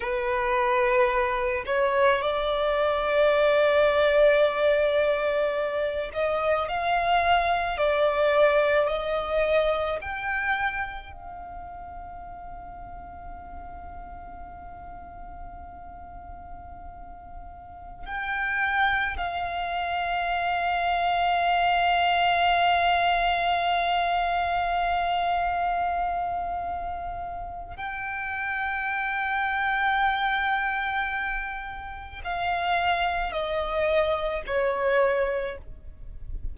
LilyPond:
\new Staff \with { instrumentName = "violin" } { \time 4/4 \tempo 4 = 54 b'4. cis''8 d''2~ | d''4. dis''8 f''4 d''4 | dis''4 g''4 f''2~ | f''1~ |
f''16 g''4 f''2~ f''8.~ | f''1~ | f''4 g''2.~ | g''4 f''4 dis''4 cis''4 | }